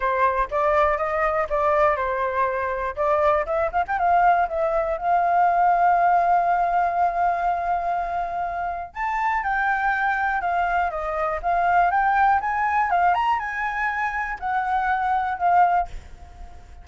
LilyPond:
\new Staff \with { instrumentName = "flute" } { \time 4/4 \tempo 4 = 121 c''4 d''4 dis''4 d''4 | c''2 d''4 e''8 f''16 g''16 | f''4 e''4 f''2~ | f''1~ |
f''2 a''4 g''4~ | g''4 f''4 dis''4 f''4 | g''4 gis''4 f''8 ais''8 gis''4~ | gis''4 fis''2 f''4 | }